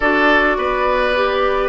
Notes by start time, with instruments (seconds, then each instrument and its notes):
0.00 bassoon D4, clarinet F#4, oboe A4, flute D5
0.57 bassoon B3, oboe B4
1.15 clarinet G4